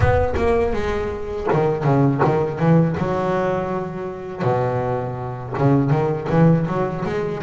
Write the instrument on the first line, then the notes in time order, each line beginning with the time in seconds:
double bass
0.00 B3
0.37 A#3
0.73 G#3
1.53 D#3
1.84 C#3
2.24 D#3
2.59 E3
2.97 F#3
4.42 B2
5.58 C#3
5.90 D#3
6.29 E3
6.67 F#3
7.05 G#3